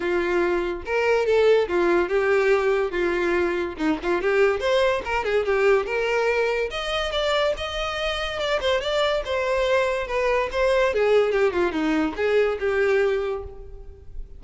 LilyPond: \new Staff \with { instrumentName = "violin" } { \time 4/4 \tempo 4 = 143 f'2 ais'4 a'4 | f'4 g'2 f'4~ | f'4 dis'8 f'8 g'4 c''4 | ais'8 gis'8 g'4 ais'2 |
dis''4 d''4 dis''2 | d''8 c''8 d''4 c''2 | b'4 c''4 gis'4 g'8 f'8 | dis'4 gis'4 g'2 | }